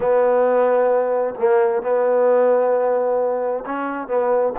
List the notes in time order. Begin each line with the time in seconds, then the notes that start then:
0.00 B3
1.38 A#3
1.82 B3
3.65 C#4
4.07 B3